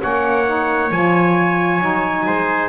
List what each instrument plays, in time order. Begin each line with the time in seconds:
0.00 double bass A#3, saxophone C#4, trumpet C#5 F#5
0.46 saxophone D#4
0.91 double bass F3, saxophone F4, trumpet G#5
1.80 double bass F#3, saxophone D#4
2.26 double bass G#3, trumpet C5